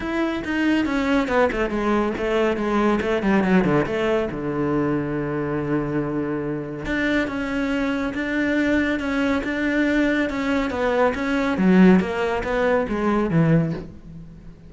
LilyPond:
\new Staff \with { instrumentName = "cello" } { \time 4/4 \tempo 4 = 140 e'4 dis'4 cis'4 b8 a8 | gis4 a4 gis4 a8 g8 | fis8 d8 a4 d2~ | d1 |
d'4 cis'2 d'4~ | d'4 cis'4 d'2 | cis'4 b4 cis'4 fis4 | ais4 b4 gis4 e4 | }